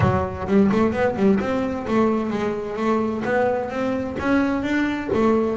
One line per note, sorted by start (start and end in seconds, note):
0.00 0.46 F#3
0.47 0.70 G3
0.72 0.92 A3
0.92 1.15 B3
1.16 1.39 G3
1.40 1.86 C4
1.87 2.30 A3
2.30 2.76 G#3
2.76 3.22 A3
3.24 3.70 B3
3.70 4.16 C4
4.19 4.63 C#4
4.63 5.09 D4
5.13 5.57 A3